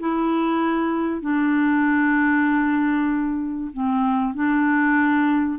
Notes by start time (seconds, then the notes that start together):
0.00 E4
1.21 D4
3.73 C4
4.35 D4